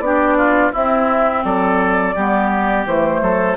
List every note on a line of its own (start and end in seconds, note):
0.00 0.71 B3
0.00 0.74 D4
0.00 0.37 G4
0.00 0.71 D5
0.37 0.73 F4
0.73 2.15 C4
0.73 1.45 C4
0.73 1.43 E4
0.73 1.45 E5
1.45 2.16 F#3
1.45 2.16 A4
1.45 2.86 D5
2.16 2.87 G3
2.16 2.86 B3
2.16 3.22 G4
2.86 3.22 E3
2.86 3.57 A3
2.86 3.57 C5
3.22 3.57 F#3
3.22 3.57 A4